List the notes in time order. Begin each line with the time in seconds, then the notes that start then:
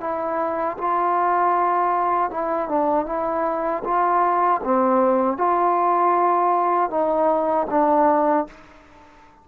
0.00 E4
0.78 F4
2.30 E4
2.68 D4
3.06 E4
3.84 F4
4.64 C4
5.37 F4
6.90 D#4
7.70 D4